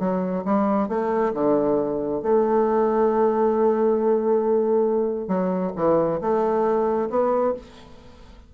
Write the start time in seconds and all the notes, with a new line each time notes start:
0.00 F#3
0.46 G3
0.89 A3
1.34 D3
2.23 A3
5.28 F#3
5.76 E3
6.21 A3
7.10 B3